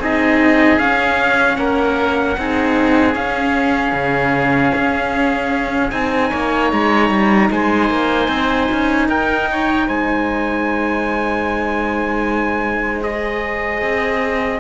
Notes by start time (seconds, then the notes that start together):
0.00 C4 D#4 G#4 D#5
0.79 C#4 F5
1.56 A#3 A#4 F#5
2.37 C4 D#4 G#4
3.13 C#4 F5
3.93 C#3
4.75 C#4
5.91 C4 D#4 G#5
6.30 A#3 C#5
6.72 G#3 A#5
7.10 G3
7.51 G#3 C5 G#5
7.90 A#3
8.28 C4
8.72 C#4
9.09 D#4 A#4 G5
9.51 C#5
9.87 G#3 C5 G#5
13.01 G#4 D#5
13.82 C4